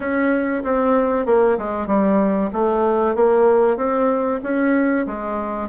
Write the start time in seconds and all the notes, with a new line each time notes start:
0.00 C#4
0.63 C4
1.26 A#3
1.58 G#3
1.87 G3
2.53 A3
3.15 A#3
3.77 C4
4.43 C#4
5.06 G#3